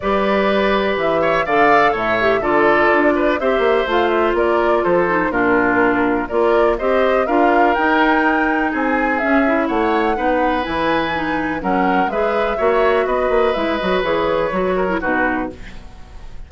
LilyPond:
<<
  \new Staff \with { instrumentName = "flute" } { \time 4/4 \tempo 4 = 124 d''2 e''4 f''4 | e''4 d''2 e''4 | f''8 e''8 d''4 c''4 ais'4~ | ais'4 d''4 dis''4 f''4 |
g''2 gis''4 e''4 | fis''2 gis''2 | fis''4 e''2 dis''4 | e''8 dis''8 cis''2 b'4 | }
  \new Staff \with { instrumentName = "oboe" } { \time 4/4 b'2~ b'8 cis''8 d''4 | cis''4 a'4. b'8 c''4~ | c''4 ais'4 a'4 f'4~ | f'4 ais'4 c''4 ais'4~ |
ais'2 gis'2 | cis''4 b'2. | ais'4 b'4 cis''4 b'4~ | b'2~ b'8 ais'8 fis'4 | }
  \new Staff \with { instrumentName = "clarinet" } { \time 4/4 g'2. a'4~ | a'8 g'8 f'2 g'4 | f'2~ f'8 dis'8 d'4~ | d'4 f'4 g'4 f'4 |
dis'2. cis'8 e'8~ | e'4 dis'4 e'4 dis'4 | cis'4 gis'4 fis'2 | e'8 fis'8 gis'4 fis'8. e'16 dis'4 | }
  \new Staff \with { instrumentName = "bassoon" } { \time 4/4 g2 e4 d4 | a,4 d4 d'4 c'8 ais8 | a4 ais4 f4 ais,4~ | ais,4 ais4 c'4 d'4 |
dis'2 c'4 cis'4 | a4 b4 e2 | fis4 gis4 ais4 b8 ais8 | gis8 fis8 e4 fis4 b,4 | }
>>